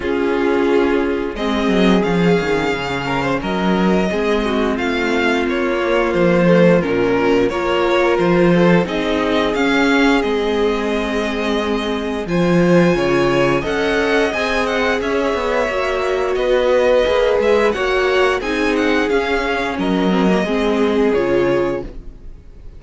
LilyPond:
<<
  \new Staff \with { instrumentName = "violin" } { \time 4/4 \tempo 4 = 88 gis'2 dis''4 f''4~ | f''4 dis''2 f''4 | cis''4 c''4 ais'4 cis''4 | c''4 dis''4 f''4 dis''4~ |
dis''2 gis''2 | fis''4 gis''8 fis''8 e''2 | dis''4. e''8 fis''4 gis''8 fis''8 | f''4 dis''2 cis''4 | }
  \new Staff \with { instrumentName = "violin" } { \time 4/4 f'2 gis'2~ | gis'8 ais'16 c''16 ais'4 gis'8 fis'8 f'4~ | f'2. ais'4~ | ais'8 a'8 gis'2.~ |
gis'2 c''4 cis''4 | dis''2 cis''2 | b'2 cis''4 gis'4~ | gis'4 ais'4 gis'2 | }
  \new Staff \with { instrumentName = "viola" } { \time 4/4 cis'2 c'4 cis'4~ | cis'2 c'2~ | c'8 ais4 a8 cis'4 f'4~ | f'4 dis'4 cis'4 c'4~ |
c'2 f'2 | a'4 gis'2 fis'4~ | fis'4 gis'4 fis'4 dis'4 | cis'4. c'16 ais16 c'4 f'4 | }
  \new Staff \with { instrumentName = "cello" } { \time 4/4 cis'2 gis8 fis8 f8 dis8 | cis4 fis4 gis4 a4 | ais4 f4 ais,4 ais4 | f4 c'4 cis'4 gis4~ |
gis2 f4 cis4 | cis'4 c'4 cis'8 b8 ais4 | b4 ais8 gis8 ais4 c'4 | cis'4 fis4 gis4 cis4 | }
>>